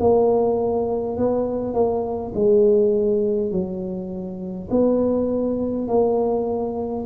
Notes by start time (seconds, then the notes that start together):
0.00 A#3
1.17 B3
1.74 A#3
2.35 G#3
3.52 F#3
4.71 B3
5.88 A#3